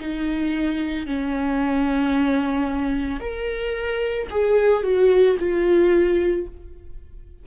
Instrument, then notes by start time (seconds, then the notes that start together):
viola
0.00 D#4
1.06 C#4
3.20 A#4
4.31 G#4
4.83 F#4
5.39 F4